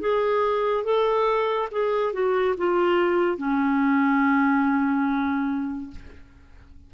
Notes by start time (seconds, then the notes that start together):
0.00 G#4
0.84 A4
1.71 G#4
2.13 F#4
2.57 F4
3.37 C#4